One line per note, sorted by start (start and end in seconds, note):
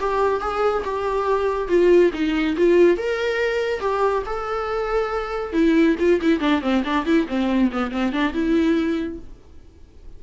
0.00 0.41 G4
0.41 0.84 G#4
0.85 1.69 G4
1.69 2.12 F4
2.14 2.57 D#4
2.57 2.98 F4
2.98 3.80 A#4
3.80 4.23 G4
4.27 5.53 A4
5.53 5.96 E4
5.99 6.21 F4
6.22 6.41 E4
6.41 6.62 D4
6.62 6.84 C4
6.85 7.06 D4
7.06 7.28 E4
7.29 7.71 C4
7.72 7.91 B3
7.91 8.13 C4
8.13 8.34 D4
8.34 9.19 E4